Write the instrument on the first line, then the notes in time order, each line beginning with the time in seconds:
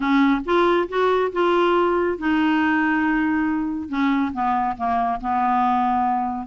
clarinet
0.00 C#4
0.45 F4
0.88 F#4
1.32 F4
2.18 D#4
3.88 C#4
4.33 B3
4.77 A#3
5.20 B3